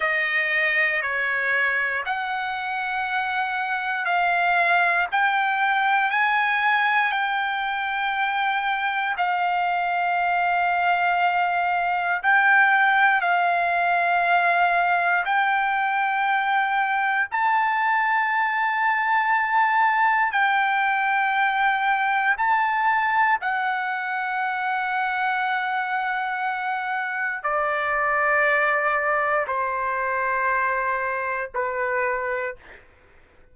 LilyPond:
\new Staff \with { instrumentName = "trumpet" } { \time 4/4 \tempo 4 = 59 dis''4 cis''4 fis''2 | f''4 g''4 gis''4 g''4~ | g''4 f''2. | g''4 f''2 g''4~ |
g''4 a''2. | g''2 a''4 fis''4~ | fis''2. d''4~ | d''4 c''2 b'4 | }